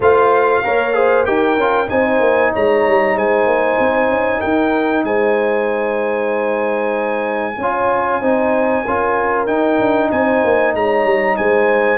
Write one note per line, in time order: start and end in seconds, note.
0.00 0.62 A3
0.00 0.63 F4
0.00 0.63 C5
0.00 1.25 F5
0.63 1.27 A#3
0.63 0.94 A#4
0.63 0.96 C#5
0.94 1.25 G#4
0.94 1.26 C5
1.25 1.56 D#4
1.25 1.57 G4
1.25 1.89 A#4
1.25 1.88 G5
1.56 1.88 C#4
1.56 1.87 F4
1.87 2.19 C4
1.87 7.55 D#4
1.87 2.52 C5
1.87 2.52 G#5
2.19 2.51 A#3
2.52 2.87 G#3
2.52 3.16 C#5
2.52 3.18 A#5
2.87 3.16 G3
3.16 3.46 G#3
3.16 4.39 C5
3.16 4.41 G#5
3.46 3.77 A#3
3.79 4.09 C4
4.09 4.40 C#4
4.39 5.03 D#4
4.39 5.02 A#4
4.39 5.04 G5
5.03 7.56 G#3
5.03 7.58 C5
5.03 9.46 G#5
7.57 8.20 C#4
7.57 8.22 F4
7.57 8.20 C#5
8.20 8.84 C4
8.20 8.85 D#4
8.20 8.82 C5
8.82 9.47 C#4
8.82 9.47 F4
8.82 10.09 A#4
9.46 9.79 D#4
9.46 11.97 D#4
9.46 10.09 G5
9.79 10.11 D4
10.11 10.43 C4
10.11 10.75 C5
10.11 10.74 G#5
10.44 10.74 A#3
10.74 11.04 G#3
10.74 11.37 C#5
10.74 11.36 A#5
11.04 11.36 G3
11.36 11.97 G#3
11.36 11.97 C5
11.36 11.97 G#5